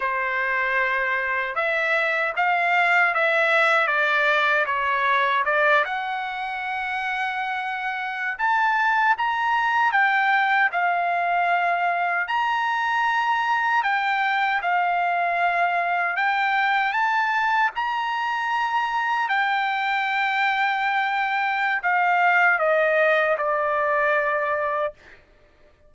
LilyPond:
\new Staff \with { instrumentName = "trumpet" } { \time 4/4 \tempo 4 = 77 c''2 e''4 f''4 | e''4 d''4 cis''4 d''8 fis''8~ | fis''2~ fis''8. a''4 ais''16~ | ais''8. g''4 f''2 ais''16~ |
ais''4.~ ais''16 g''4 f''4~ f''16~ | f''8. g''4 a''4 ais''4~ ais''16~ | ais''8. g''2.~ g''16 | f''4 dis''4 d''2 | }